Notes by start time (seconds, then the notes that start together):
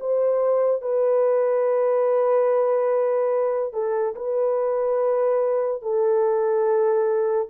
0.00 C5
0.82 B4
3.73 A4
4.16 B4
5.82 A4